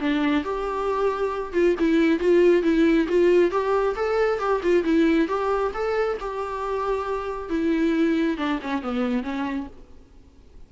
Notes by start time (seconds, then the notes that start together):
0.00 D4
0.44 G4
1.53 F4
1.79 E4
2.20 F4
2.63 E4
3.08 F4
3.51 G4
3.96 A4
4.39 G4
4.63 F4
4.84 E4
5.28 G4
5.74 A4
6.20 G4
7.49 E4
8.37 D4
8.62 C#4
8.82 B3
9.23 C#4